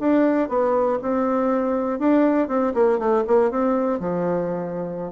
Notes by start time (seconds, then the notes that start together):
0.00 D4
0.49 B3
1.02 C4
2.00 D4
2.48 C4
2.75 A#3
2.99 A3
3.28 A#3
3.51 C4
4.00 F3